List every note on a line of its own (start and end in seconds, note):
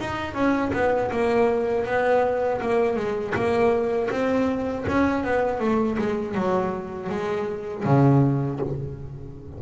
0.00 0.34 D#4
0.34 0.72 C#4
0.73 1.11 B3
1.11 1.86 A#3
1.86 2.61 B3
2.61 2.96 A#3
2.96 3.34 G#3
3.35 4.10 A#3
4.10 4.85 C4
4.88 5.24 C#4
5.24 5.60 B3
5.60 5.98 A3
5.99 6.35 G#3
6.35 7.09 F#3
7.09 7.84 G#3
7.85 8.60 C#3